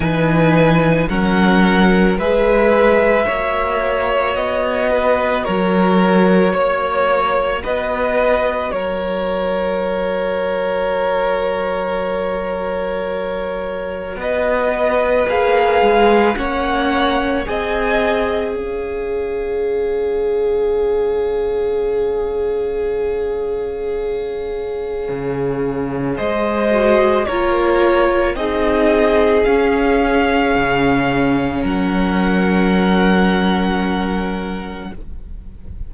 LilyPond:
<<
  \new Staff \with { instrumentName = "violin" } { \time 4/4 \tempo 4 = 55 gis''4 fis''4 e''2 | dis''4 cis''2 dis''4 | cis''1~ | cis''4 dis''4 f''4 fis''4 |
gis''4 f''2.~ | f''1 | dis''4 cis''4 dis''4 f''4~ | f''4 fis''2. | }
  \new Staff \with { instrumentName = "violin" } { \time 4/4 b'4 ais'4 b'4 cis''4~ | cis''8 b'8 ais'4 cis''4 b'4 | ais'1~ | ais'4 b'2 cis''4 |
dis''4 cis''2.~ | cis''1 | c''4 ais'4 gis'2~ | gis'4 ais'2. | }
  \new Staff \with { instrumentName = "viola" } { \time 4/4 dis'4 cis'4 gis'4 fis'4~ | fis'1~ | fis'1~ | fis'2 gis'4 cis'4 |
gis'1~ | gis'1~ | gis'8 fis'8 f'4 dis'4 cis'4~ | cis'1 | }
  \new Staff \with { instrumentName = "cello" } { \time 4/4 e4 fis4 gis4 ais4 | b4 fis4 ais4 b4 | fis1~ | fis4 b4 ais8 gis8 ais4 |
c'4 cis'2.~ | cis'2. cis4 | gis4 ais4 c'4 cis'4 | cis4 fis2. | }
>>